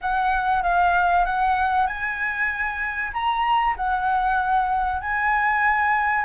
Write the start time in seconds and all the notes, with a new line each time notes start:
0.01 F#5
0.62 F5
1.25 F#5
1.86 G#5
3.12 A#5
3.76 F#5
5.01 G#5